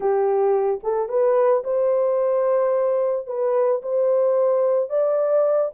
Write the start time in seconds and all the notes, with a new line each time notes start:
0.00 G4
0.83 A4
1.08 B4
1.64 C5
3.27 B4
3.82 C5
4.89 D5